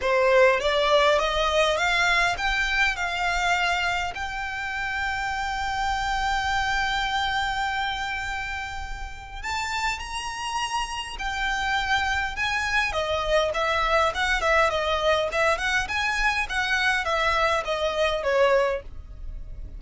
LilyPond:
\new Staff \with { instrumentName = "violin" } { \time 4/4 \tempo 4 = 102 c''4 d''4 dis''4 f''4 | g''4 f''2 g''4~ | g''1~ | g''1 |
a''4 ais''2 g''4~ | g''4 gis''4 dis''4 e''4 | fis''8 e''8 dis''4 e''8 fis''8 gis''4 | fis''4 e''4 dis''4 cis''4 | }